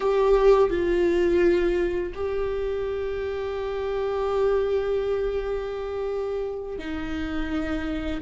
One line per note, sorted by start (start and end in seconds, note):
0.00 0.70 G4
0.70 2.13 F4
2.14 6.78 G4
6.78 8.21 D#4